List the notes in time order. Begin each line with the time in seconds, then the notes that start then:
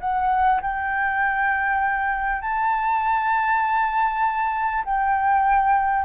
0.00 F#5
0.61 G5
2.41 A5
4.85 G5